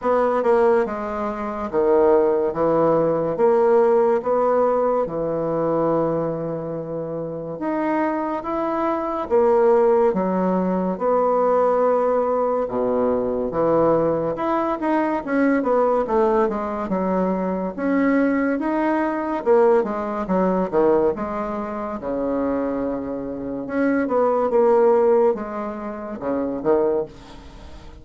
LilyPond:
\new Staff \with { instrumentName = "bassoon" } { \time 4/4 \tempo 4 = 71 b8 ais8 gis4 dis4 e4 | ais4 b4 e2~ | e4 dis'4 e'4 ais4 | fis4 b2 b,4 |
e4 e'8 dis'8 cis'8 b8 a8 gis8 | fis4 cis'4 dis'4 ais8 gis8 | fis8 dis8 gis4 cis2 | cis'8 b8 ais4 gis4 cis8 dis8 | }